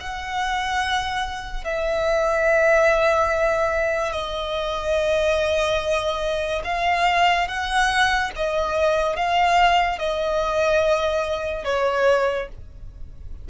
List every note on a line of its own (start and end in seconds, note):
0.00 1.64 F#5
1.64 4.12 E5
4.12 6.62 D#5
6.64 7.48 F5
7.48 8.31 F#5
8.36 9.16 D#5
9.16 9.98 F5
9.98 11.65 D#5
11.65 12.48 C#5